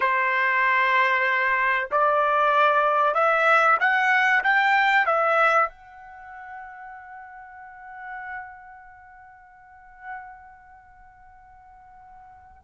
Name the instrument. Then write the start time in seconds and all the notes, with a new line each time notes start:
trumpet
0.00 C5
1.91 D5
3.14 E5
3.80 F#5
4.43 G5
5.06 E5
5.68 F#5